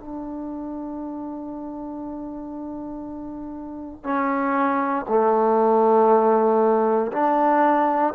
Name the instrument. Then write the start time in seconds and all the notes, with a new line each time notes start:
trombone
0.00 D4
4.04 C#4
5.09 A3
7.12 D4